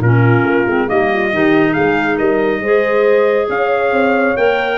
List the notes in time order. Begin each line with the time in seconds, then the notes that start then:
0.00 A#2 C#4 F4 A#4
0.44 A#3
0.67 G#3 C4
0.88 G3 A#3 D#4 D#5
1.13 F4
1.34 D#3 D#4 G4
1.72 G#3 G#4 F5
2.18 G3 A#4 D#5
2.60 G#3 G#4 C5
3.49 C#4 C#5 F5
3.92 C4
4.37 A#3 A#4 G5